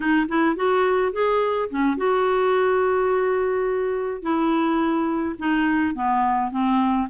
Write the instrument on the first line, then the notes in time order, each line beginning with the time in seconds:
clarinet
0.00 D#4
0.28 E4
0.56 F#4
1.12 G#4
1.70 C#4
1.97 F#4
4.22 E4
5.39 D#4
5.94 B3
6.51 C4